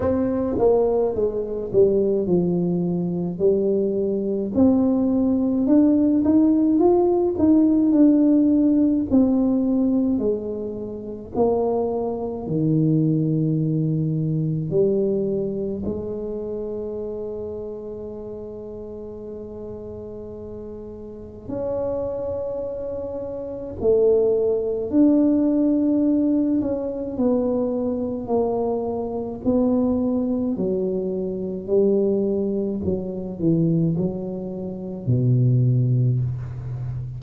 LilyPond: \new Staff \with { instrumentName = "tuba" } { \time 4/4 \tempo 4 = 53 c'8 ais8 gis8 g8 f4 g4 | c'4 d'8 dis'8 f'8 dis'8 d'4 | c'4 gis4 ais4 dis4~ | dis4 g4 gis2~ |
gis2. cis'4~ | cis'4 a4 d'4. cis'8 | b4 ais4 b4 fis4 | g4 fis8 e8 fis4 b,4 | }